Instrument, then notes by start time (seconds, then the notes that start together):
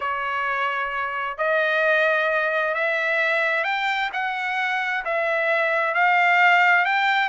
trumpet
0.00 C#5
1.37 D#5
2.74 E5
3.64 G5
4.13 F#5
5.04 E5
5.94 F5
6.85 G5